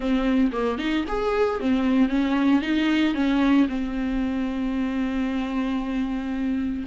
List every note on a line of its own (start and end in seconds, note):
0.00 0.51 C4
0.51 0.78 A#3
0.78 1.04 D#4
1.07 1.59 G#4
1.59 2.08 C4
2.08 2.61 C#4
2.61 3.14 D#4
3.14 3.67 C#4
3.68 6.84 C4